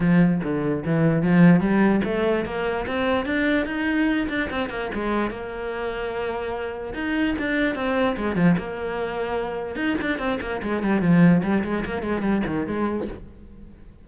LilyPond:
\new Staff \with { instrumentName = "cello" } { \time 4/4 \tempo 4 = 147 f4 d4 e4 f4 | g4 a4 ais4 c'4 | d'4 dis'4. d'8 c'8 ais8 | gis4 ais2.~ |
ais4 dis'4 d'4 c'4 | gis8 f8 ais2. | dis'8 d'8 c'8 ais8 gis8 g8 f4 | g8 gis8 ais8 gis8 g8 dis8 gis4 | }